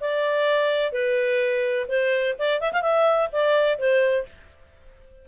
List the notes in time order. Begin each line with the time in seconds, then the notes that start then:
0.00 D5
0.92 B4
1.88 C5
2.39 D5
2.60 E5
2.72 F5
2.82 E5
3.32 D5
3.78 C5